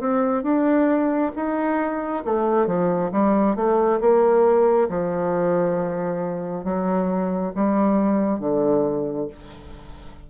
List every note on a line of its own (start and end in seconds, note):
0.00 0.43 C4
0.43 1.32 D4
1.36 2.24 D#4
2.25 2.67 A3
2.67 3.11 F3
3.12 3.56 G3
3.56 4.00 A3
4.01 4.89 A#3
4.89 6.65 F3
6.65 7.53 F#3
7.55 8.39 G3
8.39 9.28 D3